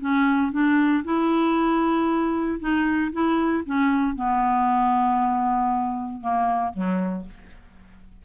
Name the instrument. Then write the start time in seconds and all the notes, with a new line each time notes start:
clarinet
0.00 C#4
0.51 D4
1.04 E4
2.59 D#4
3.12 E4
3.65 C#4
4.15 B3
6.21 A#3
6.73 F#3